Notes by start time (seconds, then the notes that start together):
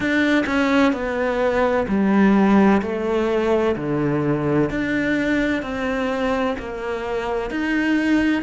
0.00 D4
0.46 C#4
0.92 B3
1.87 G3
2.81 A3
3.76 D3
4.70 D4
5.62 C4
6.58 A#3
7.50 D#4